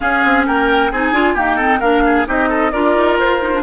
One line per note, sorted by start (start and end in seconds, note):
0.00 0.91 C#4
0.00 0.24 C#4
0.00 0.46 G#4
0.00 0.45 F5
0.24 0.47 C4
0.46 0.91 A#3
0.46 0.91 A#4
0.46 0.91 G5
0.91 1.12 C4
0.91 1.14 D#4
0.91 1.34 G#4
0.91 1.36 G#5
1.12 1.34 D4
1.12 1.36 F4
1.34 1.58 A#3
1.34 1.80 D#4
1.34 1.56 G4
1.34 1.80 G5
1.56 1.81 C4
1.56 1.78 A4
1.79 2.26 A#3
1.79 2.25 D4
1.79 2.02 A#4
1.79 2.26 F5
2.05 2.27 G#4
2.25 2.72 C4
2.25 2.71 D#4
2.25 2.48 G4
2.25 2.72 D#5
2.48 2.71 A4
2.72 2.96 D4
2.72 3.40 F4
2.72 3.62 A#4
2.72 3.17 D5
2.96 3.19 D#4
3.19 3.62 F4
3.19 3.62 C5
3.40 3.51 D#4
3.53 3.62 D4